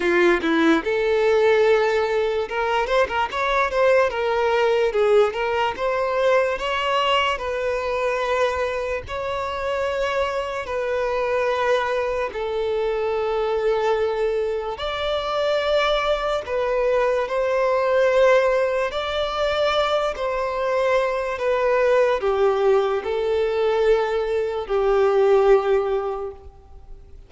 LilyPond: \new Staff \with { instrumentName = "violin" } { \time 4/4 \tempo 4 = 73 f'8 e'8 a'2 ais'8 c''16 ais'16 | cis''8 c''8 ais'4 gis'8 ais'8 c''4 | cis''4 b'2 cis''4~ | cis''4 b'2 a'4~ |
a'2 d''2 | b'4 c''2 d''4~ | d''8 c''4. b'4 g'4 | a'2 g'2 | }